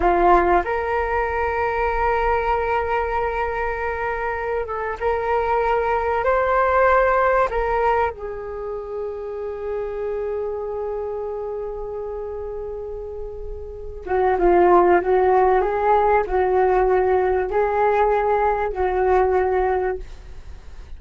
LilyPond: \new Staff \with { instrumentName = "flute" } { \time 4/4 \tempo 4 = 96 f'4 ais'2.~ | ais'2.~ ais'8 a'8 | ais'2 c''2 | ais'4 gis'2.~ |
gis'1~ | gis'2~ gis'8 fis'8 f'4 | fis'4 gis'4 fis'2 | gis'2 fis'2 | }